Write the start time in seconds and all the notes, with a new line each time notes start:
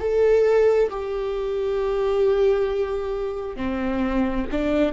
0.00 A4
0.90 G4
3.56 C4
4.51 D4